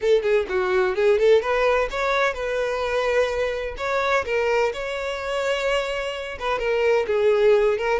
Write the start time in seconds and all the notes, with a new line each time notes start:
0.01 A4
0.22 G#4
0.49 F#4
0.95 G#4
1.18 A4
1.41 B4
1.90 C#5
2.33 B4
3.77 C#5
4.25 A#4
4.73 C#5
6.39 B4
6.58 A#4
7.07 G#4
7.77 A#4